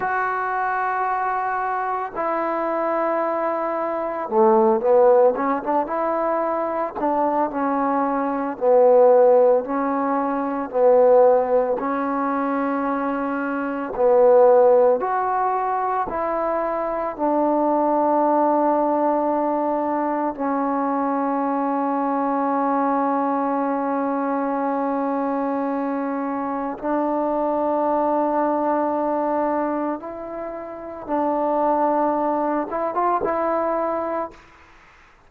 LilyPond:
\new Staff \with { instrumentName = "trombone" } { \time 4/4 \tempo 4 = 56 fis'2 e'2 | a8 b8 cis'16 d'16 e'4 d'8 cis'4 | b4 cis'4 b4 cis'4~ | cis'4 b4 fis'4 e'4 |
d'2. cis'4~ | cis'1~ | cis'4 d'2. | e'4 d'4. e'16 f'16 e'4 | }